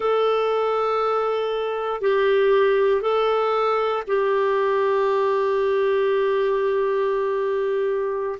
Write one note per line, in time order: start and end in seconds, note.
0.00 2.01 A4
2.01 3.01 G4
3.01 4.03 A4
4.07 8.39 G4